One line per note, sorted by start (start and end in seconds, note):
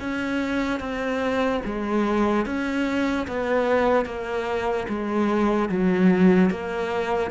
0.00 0.80 C#4
0.80 1.61 C4
1.65 2.46 G#3
2.46 3.27 C#4
3.28 4.06 B3
4.06 4.87 A#3
4.89 5.69 G#3
5.69 6.50 F#3
6.51 7.31 A#3